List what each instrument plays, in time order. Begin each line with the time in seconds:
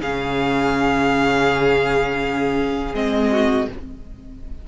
0.00 cello C#3, viola C#4, violin G#4 F5
2.94 cello G#3, viola C4, violin D#5
3.31 violin F#4